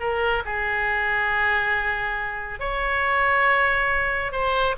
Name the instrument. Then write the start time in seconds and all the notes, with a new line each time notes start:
oboe
0.00 A#4
0.45 G#4
2.60 C#5
4.32 C5